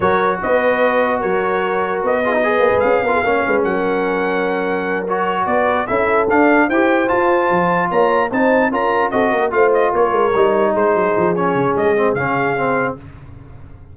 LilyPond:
<<
  \new Staff \with { instrumentName = "trumpet" } { \time 4/4 \tempo 4 = 148 cis''4 dis''2 cis''4~ | cis''4 dis''2 f''4~ | f''4 fis''2.~ | fis''8 cis''4 d''4 e''4 f''8~ |
f''8 g''4 a''2 ais''8~ | ais''8 a''4 ais''4 dis''4 f''8 | dis''8 cis''2 c''4. | cis''4 dis''4 f''2 | }
  \new Staff \with { instrumentName = "horn" } { \time 4/4 ais'4 b'2 ais'4~ | ais'4. gis'16 fis'16 b'4. ais'16 gis'16 | cis''8 b'8 ais'2.~ | ais'4. b'4 a'4.~ |
a'8 c''2. cis''8~ | cis''8 c''4 ais'4 a'8 ais'8 c''8~ | c''8 ais'2 gis'4.~ | gis'1 | }
  \new Staff \with { instrumentName = "trombone" } { \time 4/4 fis'1~ | fis'4. f'16 dis'16 gis'4. f'8 | cis'1~ | cis'8 fis'2 e'4 d'8~ |
d'8 g'4 f'2~ f'8~ | f'8 dis'4 f'4 fis'4 f'8~ | f'4. dis'2~ dis'8 | cis'4. c'8 cis'4 c'4 | }
  \new Staff \with { instrumentName = "tuba" } { \time 4/4 fis4 b2 fis4~ | fis4 b4. ais16 gis16 cis'8 b8 | ais8 gis8 fis2.~ | fis4. b4 cis'4 d'8~ |
d'8 e'4 f'4 f4 ais8~ | ais8 c'4 cis'4 c'8 ais8 a8~ | a8 ais8 gis8 g4 gis8 fis8 f8~ | f8 cis8 gis4 cis2 | }
>>